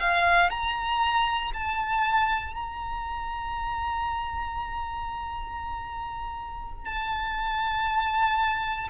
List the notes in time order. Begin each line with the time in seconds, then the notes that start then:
0.00 F5
0.50 A#5
1.53 A5
2.54 A#5
6.85 A5